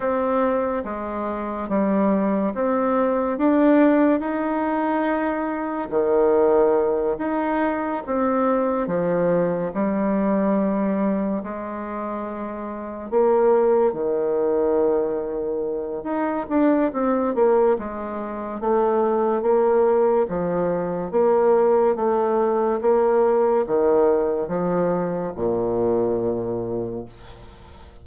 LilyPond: \new Staff \with { instrumentName = "bassoon" } { \time 4/4 \tempo 4 = 71 c'4 gis4 g4 c'4 | d'4 dis'2 dis4~ | dis8 dis'4 c'4 f4 g8~ | g4. gis2 ais8~ |
ais8 dis2~ dis8 dis'8 d'8 | c'8 ais8 gis4 a4 ais4 | f4 ais4 a4 ais4 | dis4 f4 ais,2 | }